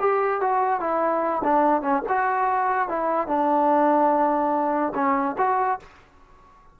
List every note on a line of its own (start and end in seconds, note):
0.00 0.41 G4
0.42 0.81 F#4
0.81 1.43 E4
1.44 1.82 D4
1.82 2.03 C#4
2.09 2.89 F#4
2.89 3.28 E4
3.28 4.93 D4
4.95 5.37 C#4
5.38 5.80 F#4